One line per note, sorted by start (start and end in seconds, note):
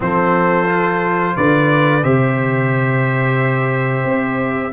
0.00 1.35 F3
0.00 0.67 C4
0.00 1.36 A4
0.00 1.36 C5
0.67 2.02 F4
1.36 2.04 D3
1.36 2.03 B4
1.36 2.03 D5
2.03 4.04 C3
2.03 4.72 G4
2.03 4.72 C5
2.03 4.72 E5
4.04 4.71 C4